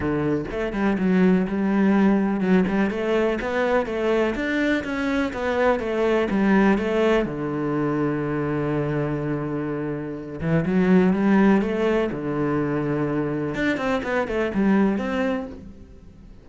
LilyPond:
\new Staff \with { instrumentName = "cello" } { \time 4/4 \tempo 4 = 124 d4 a8 g8 fis4 g4~ | g4 fis8 g8 a4 b4 | a4 d'4 cis'4 b4 | a4 g4 a4 d4~ |
d1~ | d4. e8 fis4 g4 | a4 d2. | d'8 c'8 b8 a8 g4 c'4 | }